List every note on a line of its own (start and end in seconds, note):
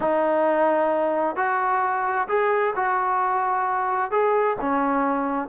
0.00 1.36 D#4
1.36 2.27 F#4
2.28 2.74 G#4
2.75 4.11 F#4
4.11 4.57 G#4
4.60 5.48 C#4